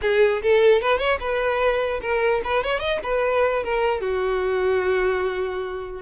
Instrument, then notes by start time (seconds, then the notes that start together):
violin
0.01 G#4
0.42 A4
0.81 B4
0.98 C#5
1.20 B4
2.01 A#4
2.43 B4
2.63 C#5
2.79 D#5
3.03 B4
3.63 A#4
4.00 F#4